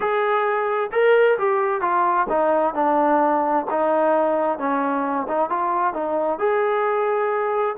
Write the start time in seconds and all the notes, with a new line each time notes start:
0.00 G#4
0.92 A#4
1.38 G4
1.81 F4
2.29 D#4
2.74 D4
3.70 D#4
4.58 C#4
5.28 D#4
5.49 F4
5.93 D#4
6.38 G#4